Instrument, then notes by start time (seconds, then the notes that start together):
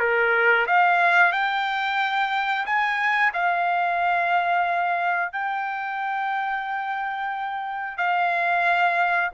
trumpet
0.00 A#4
0.67 F5
1.32 G5
2.66 G#5
3.34 F5
5.32 G5
7.98 F5